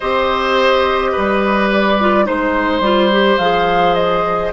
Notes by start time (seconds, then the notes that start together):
0.00 C4 G4 C5 D#5
1.12 G3 B4
1.71 D5
2.00 F4
2.24 G#3 D#4 C5
2.80 G3 F4
3.12 G4
3.37 F3 G#4 F5
3.94 D#5